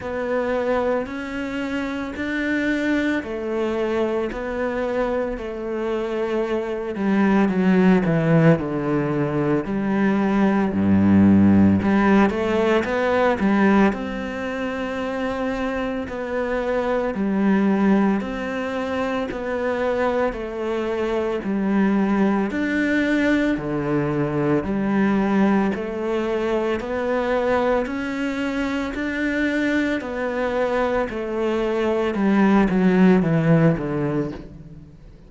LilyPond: \new Staff \with { instrumentName = "cello" } { \time 4/4 \tempo 4 = 56 b4 cis'4 d'4 a4 | b4 a4. g8 fis8 e8 | d4 g4 g,4 g8 a8 | b8 g8 c'2 b4 |
g4 c'4 b4 a4 | g4 d'4 d4 g4 | a4 b4 cis'4 d'4 | b4 a4 g8 fis8 e8 d8 | }